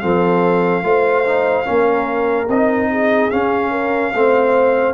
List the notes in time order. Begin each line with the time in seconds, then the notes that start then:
0.00 F3 C4 A4 F5
0.83 A3 F4 C5
1.25 D#4
1.64 A#3 C#4 A#4
2.48 C4 D#4 D#5
2.91 G#4
3.30 C#4 F5
3.71 A#4
4.14 A3 C4 C5